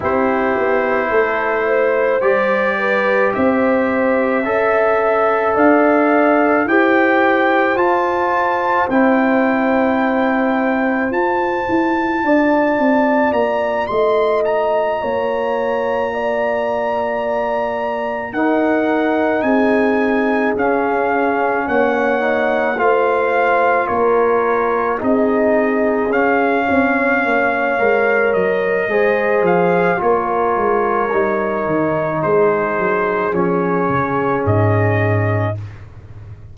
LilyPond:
<<
  \new Staff \with { instrumentName = "trumpet" } { \time 4/4 \tempo 4 = 54 c''2 d''4 e''4~ | e''4 f''4 g''4 a''4 | g''2 a''2 | ais''8 c'''8 ais''2.~ |
ais''8 fis''4 gis''4 f''4 fis''8~ | fis''8 f''4 cis''4 dis''4 f''8~ | f''4. dis''4 f''8 cis''4~ | cis''4 c''4 cis''4 dis''4 | }
  \new Staff \with { instrumentName = "horn" } { \time 4/4 g'4 a'8 c''4 b'8 c''4 | e''4 d''4 c''2~ | c''2. d''4~ | d''8 dis''4 cis''4 d''4.~ |
d''8 ais'4 gis'2 cis''8~ | cis''8 c''4 ais'4 gis'4. | cis''2 c''4 ais'4~ | ais'4 gis'2. | }
  \new Staff \with { instrumentName = "trombone" } { \time 4/4 e'2 g'2 | a'2 g'4 f'4 | e'2 f'2~ | f'1~ |
f'8 dis'2 cis'4. | dis'8 f'2 dis'4 cis'8~ | cis'4 ais'4 gis'4 f'4 | dis'2 cis'2 | }
  \new Staff \with { instrumentName = "tuba" } { \time 4/4 c'8 b8 a4 g4 c'4 | cis'4 d'4 e'4 f'4 | c'2 f'8 e'8 d'8 c'8 | ais8 a4 ais2~ ais8~ |
ais8 dis'4 c'4 cis'4 ais8~ | ais8 a4 ais4 c'4 cis'8 | c'8 ais8 gis8 fis8 gis8 f8 ais8 gis8 | g8 dis8 gis8 fis8 f8 cis8 gis,4 | }
>>